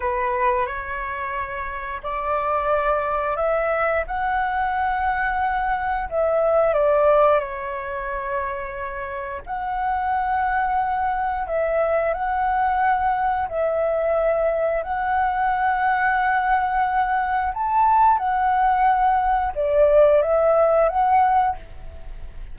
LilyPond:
\new Staff \with { instrumentName = "flute" } { \time 4/4 \tempo 4 = 89 b'4 cis''2 d''4~ | d''4 e''4 fis''2~ | fis''4 e''4 d''4 cis''4~ | cis''2 fis''2~ |
fis''4 e''4 fis''2 | e''2 fis''2~ | fis''2 a''4 fis''4~ | fis''4 d''4 e''4 fis''4 | }